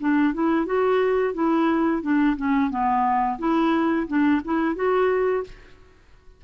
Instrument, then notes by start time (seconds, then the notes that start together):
clarinet
0.00 D4
0.34 E4
0.66 F#4
1.34 E4
2.03 D4
2.37 C#4
2.71 B3
3.39 E4
4.08 D4
4.45 E4
4.76 F#4